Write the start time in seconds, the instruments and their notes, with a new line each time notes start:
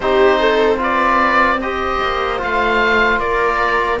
0.00 cello C4, trombone D#4, viola G4, oboe C5
0.39 viola A4
0.77 trombone F4, viola B4
0.83 oboe D5
1.60 trombone G4, viola C5, oboe D#5
2.02 cello A#3
2.38 cello A3, trombone F4, oboe F5
3.18 cello A#3, viola A#4, oboe D5